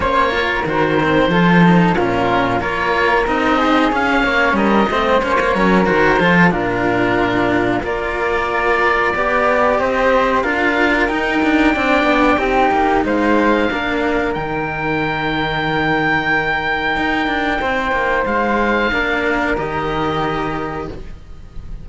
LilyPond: <<
  \new Staff \with { instrumentName = "oboe" } { \time 4/4 \tempo 4 = 92 cis''4 c''2 ais'4 | cis''4 dis''4 f''4 dis''4 | cis''4 c''4 ais'2 | d''2. dis''4 |
f''4 g''2. | f''2 g''2~ | g''1 | f''2 dis''2 | }
  \new Staff \with { instrumentName = "flute" } { \time 4/4 c''8 ais'4. a'4 f'4 | ais'4. gis'4 cis''8 ais'8 c''8~ | c''8 ais'4 a'8 f'2 | ais'2 d''4 c''4 |
ais'2 d''4 g'4 | c''4 ais'2.~ | ais'2. c''4~ | c''4 ais'2. | }
  \new Staff \with { instrumentName = "cello" } { \time 4/4 cis'8 f'8 fis'8 c'8 f'8 dis'8 cis'4 | f'4 dis'4 cis'4. c'8 | cis'16 ais16 cis'8 fis'8 f'8 d'2 | f'2 g'2 |
f'4 dis'4 d'4 dis'4~ | dis'4 d'4 dis'2~ | dis'1~ | dis'4 d'4 g'2 | }
  \new Staff \with { instrumentName = "cello" } { \time 4/4 ais4 dis4 f4 ais,4 | ais4 c'4 cis'8 ais8 g8 a8 | ais8 fis8 dis8 f8 ais,2 | ais2 b4 c'4 |
d'4 dis'8 d'8 c'8 b8 c'8 ais8 | gis4 ais4 dis2~ | dis2 dis'8 d'8 c'8 ais8 | gis4 ais4 dis2 | }
>>